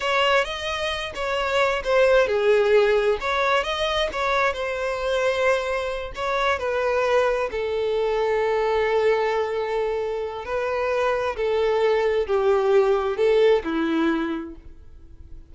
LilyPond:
\new Staff \with { instrumentName = "violin" } { \time 4/4 \tempo 4 = 132 cis''4 dis''4. cis''4. | c''4 gis'2 cis''4 | dis''4 cis''4 c''2~ | c''4. cis''4 b'4.~ |
b'8 a'2.~ a'8~ | a'2. b'4~ | b'4 a'2 g'4~ | g'4 a'4 e'2 | }